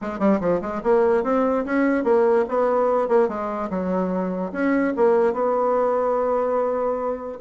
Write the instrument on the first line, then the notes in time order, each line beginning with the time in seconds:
bassoon
0.01 G#3
0.19 G3
0.40 F3
0.61 G#3
0.83 A#3
1.23 C4
1.65 C#4
2.04 A#3
2.48 B3
3.08 A#3
3.28 G#3
3.69 F#3
4.52 C#4
4.96 A#3
5.33 B3